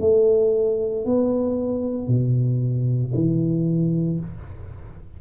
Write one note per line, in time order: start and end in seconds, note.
0.00 1.05 A3
1.05 2.07 B3
2.07 3.12 B2
3.14 4.19 E3